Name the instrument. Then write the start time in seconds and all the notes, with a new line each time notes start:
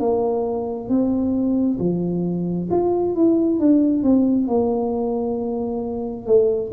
tuba
0.00 A#3
0.89 C4
1.80 F3
2.71 F4
3.16 E4
3.60 D4
4.04 C4
4.48 A#3
6.27 A3